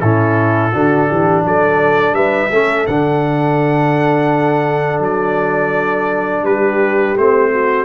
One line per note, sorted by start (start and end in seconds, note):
0.00 0.73 A2
0.00 0.72 C#4
0.00 0.72 E4
0.00 1.43 A4
0.72 1.10 D3
0.72 2.51 D4
0.72 1.08 F#4
1.08 1.44 E3
1.08 1.44 G4
1.44 2.12 F#3
1.44 2.15 A4
1.44 2.14 D5
2.12 2.48 G3
2.12 2.51 B4
2.12 2.86 E5
2.51 2.86 A3
2.51 2.88 C#4
2.51 6.44 A4
2.86 5.00 D3
2.86 7.17 D4
2.86 5.01 F#5
5.00 6.42 F#3
5.00 6.45 D5
6.42 7.14 G3
6.42 7.51 G4
6.42 7.16 B4
7.17 7.85 A3
7.17 7.85 C4
7.17 7.85 C5
7.51 7.85 F#4